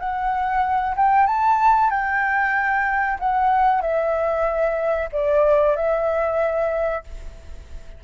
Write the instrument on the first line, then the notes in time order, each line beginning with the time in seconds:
flute
0.00 F#5
0.97 G5
1.27 A5
1.91 G5
3.20 F#5
3.82 E5
5.13 D5
5.76 E5